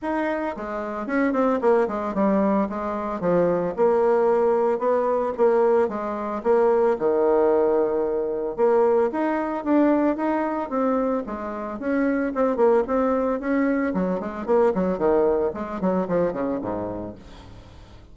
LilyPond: \new Staff \with { instrumentName = "bassoon" } { \time 4/4 \tempo 4 = 112 dis'4 gis4 cis'8 c'8 ais8 gis8 | g4 gis4 f4 ais4~ | ais4 b4 ais4 gis4 | ais4 dis2. |
ais4 dis'4 d'4 dis'4 | c'4 gis4 cis'4 c'8 ais8 | c'4 cis'4 fis8 gis8 ais8 fis8 | dis4 gis8 fis8 f8 cis8 gis,4 | }